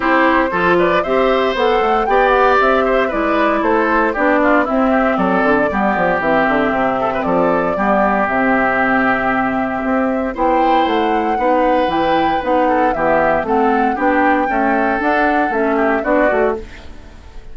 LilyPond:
<<
  \new Staff \with { instrumentName = "flute" } { \time 4/4 \tempo 4 = 116 c''4. d''8 e''4 fis''4 | g''8 fis''8 e''4 d''4 c''4 | d''4 e''4 d''2 | e''2 d''2 |
e''1 | g''4 fis''2 g''4 | fis''4 e''4 fis''4 g''4~ | g''4 fis''4 e''4 d''4 | }
  \new Staff \with { instrumentName = "oboe" } { \time 4/4 g'4 a'8 b'8 c''2 | d''4. c''8 b'4 a'4 | g'8 f'8 e'8 g'8 a'4 g'4~ | g'4. a'16 b'16 a'4 g'4~ |
g'1 | c''2 b'2~ | b'8 a'8 g'4 a'4 g'4 | a'2~ a'8 g'8 fis'4 | }
  \new Staff \with { instrumentName = "clarinet" } { \time 4/4 e'4 f'4 g'4 a'4 | g'2 e'2 | d'4 c'2 b4 | c'2. b4 |
c'1 | e'2 dis'4 e'4 | dis'4 b4 c'4 d'4 | a4 d'4 cis'4 d'8 fis'8 | }
  \new Staff \with { instrumentName = "bassoon" } { \time 4/4 c'4 f4 c'4 b8 a8 | b4 c'4 gis4 a4 | b4 c'4 fis8 d8 g8 f8 | e8 d8 c4 f4 g4 |
c2. c'4 | b4 a4 b4 e4 | b4 e4 a4 b4 | cis'4 d'4 a4 b8 a8 | }
>>